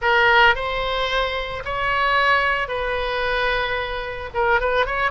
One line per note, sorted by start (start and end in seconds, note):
0.01 0.55 A#4
0.55 1.63 C5
1.64 2.68 C#5
2.68 4.30 B4
4.33 4.60 A#4
4.60 4.86 B4
4.86 5.11 C#5